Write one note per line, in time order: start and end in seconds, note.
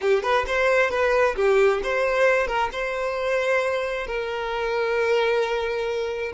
0.01 0.23 G4
0.23 0.45 B4
0.46 0.90 C5
0.90 1.35 B4
1.36 1.81 G4
1.83 2.47 C5
2.47 2.69 A#4
2.72 4.06 C5
4.06 6.32 A#4